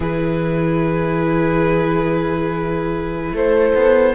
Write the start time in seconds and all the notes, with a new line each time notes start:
0.00 E3 E4 G#4 B4
3.32 A3 A4 C5
3.75 B3